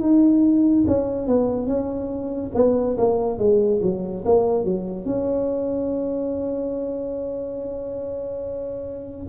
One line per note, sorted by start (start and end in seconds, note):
0.00 0.85 D#4
0.87 1.27 C#4
1.27 1.66 B3
1.66 2.51 C#4
2.54 2.97 B3
2.97 3.38 A#3
3.38 3.80 G#3
3.81 4.24 F#3
4.25 4.64 A#3
4.64 5.05 F#3
5.05 9.27 C#4